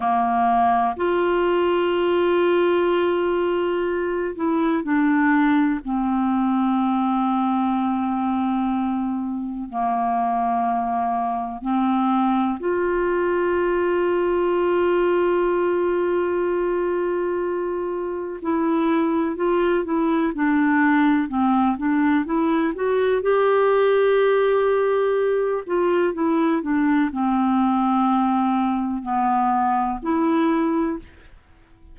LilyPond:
\new Staff \with { instrumentName = "clarinet" } { \time 4/4 \tempo 4 = 62 ais4 f'2.~ | f'8 e'8 d'4 c'2~ | c'2 ais2 | c'4 f'2.~ |
f'2. e'4 | f'8 e'8 d'4 c'8 d'8 e'8 fis'8 | g'2~ g'8 f'8 e'8 d'8 | c'2 b4 e'4 | }